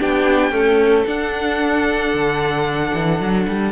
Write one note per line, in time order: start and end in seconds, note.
0.00 0.51 B3
0.00 0.52 D4
0.00 0.53 G4
0.00 1.07 G5
0.51 1.05 A3
0.51 1.05 C#4
0.51 3.73 A4
1.07 2.14 D4
1.07 3.73 D4
1.07 3.73 F#5
2.14 2.94 D3
2.94 3.20 E3
3.20 3.47 F#3
3.48 3.73 G3